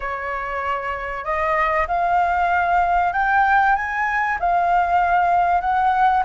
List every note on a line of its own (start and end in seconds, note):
0.00 1.24 C#5
1.24 1.86 D#5
1.88 3.12 F5
3.12 3.75 G5
3.75 4.38 G#5
4.39 5.60 F5
5.60 6.23 F#5